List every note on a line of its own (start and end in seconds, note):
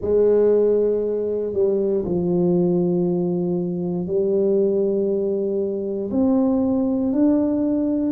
0.00 1.53 G#3
1.53 2.04 G3
2.04 4.07 F3
4.07 6.10 G3
6.11 7.12 C4
7.12 8.12 D4